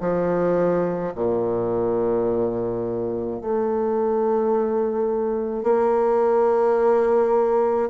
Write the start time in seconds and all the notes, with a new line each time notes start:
0.00 F3
1.15 A#2
3.41 A3
5.63 A#3